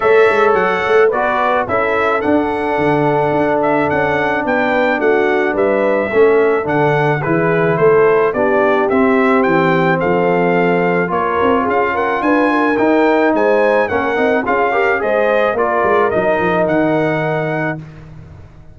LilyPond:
<<
  \new Staff \with { instrumentName = "trumpet" } { \time 4/4 \tempo 4 = 108 e''4 fis''4 d''4 e''4 | fis''2~ fis''8 e''8 fis''4 | g''4 fis''4 e''2 | fis''4 b'4 c''4 d''4 |
e''4 g''4 f''2 | cis''4 f''8 fis''8 gis''4 g''4 | gis''4 fis''4 f''4 dis''4 | d''4 dis''4 fis''2 | }
  \new Staff \with { instrumentName = "horn" } { \time 4/4 cis''2 b'4 a'4~ | a'1 | b'4 fis'4 b'4 a'4~ | a'4 gis'4 a'4 g'4~ |
g'2 a'2 | ais'4 gis'8 ais'8 b'8 ais'4. | c''4 ais'4 gis'8 ais'8 c''4 | ais'1 | }
  \new Staff \with { instrumentName = "trombone" } { \time 4/4 a'2 fis'4 e'4 | d'1~ | d'2. cis'4 | d'4 e'2 d'4 |
c'1 | f'2. dis'4~ | dis'4 cis'8 dis'8 f'8 g'8 gis'4 | f'4 dis'2. | }
  \new Staff \with { instrumentName = "tuba" } { \time 4/4 a8 gis8 fis8 a8 b4 cis'4 | d'4 d4 d'4 cis'4 | b4 a4 g4 a4 | d4 e4 a4 b4 |
c'4 e4 f2 | ais8 c'8 cis'4 d'4 dis'4 | gis4 ais8 c'8 cis'4 gis4 | ais8 gis8 fis8 f8 dis2 | }
>>